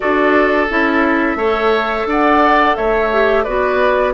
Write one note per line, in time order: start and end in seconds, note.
0.00 0.70 D4
0.00 0.67 F#4
0.00 1.37 A4
0.00 0.67 D5
0.69 1.35 C#4
0.69 1.38 E4
0.69 2.08 E5
1.35 2.04 A3
1.35 3.10 A4
1.35 2.06 C#5
2.05 2.74 D4
2.05 2.76 D5
2.05 2.76 F#5
2.76 3.46 A3
2.76 3.44 C#5
2.76 3.44 E5
3.12 3.46 G4
3.44 4.13 B3
3.44 4.13 F#4
3.44 4.13 B4
3.44 4.12 D5